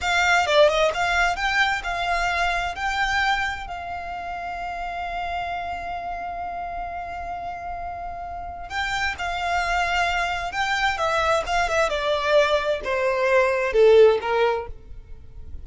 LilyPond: \new Staff \with { instrumentName = "violin" } { \time 4/4 \tempo 4 = 131 f''4 d''8 dis''8 f''4 g''4 | f''2 g''2 | f''1~ | f''1~ |
f''2. g''4 | f''2. g''4 | e''4 f''8 e''8 d''2 | c''2 a'4 ais'4 | }